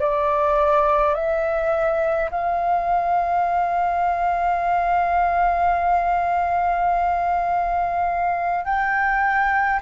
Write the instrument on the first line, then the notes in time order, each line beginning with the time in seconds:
flute
0.00 D5
1.15 E5
2.31 F5
8.65 G5